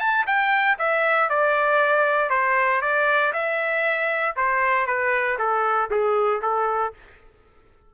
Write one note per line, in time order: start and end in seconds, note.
0.00 0.26 A5
0.27 0.78 G5
0.79 1.30 E5
1.30 2.30 D5
2.30 2.82 C5
2.82 3.33 D5
3.33 4.36 E5
4.36 4.87 C5
4.87 5.38 B4
5.39 5.90 A4
5.91 6.42 G#4
6.42 6.94 A4